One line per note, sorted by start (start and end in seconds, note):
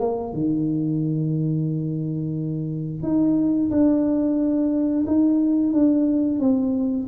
0.00 0.33 A#3
0.33 3.03 D#3
3.03 3.70 D#4
3.71 5.06 D4
5.07 5.73 D#4
5.73 6.40 D4
6.40 7.07 C4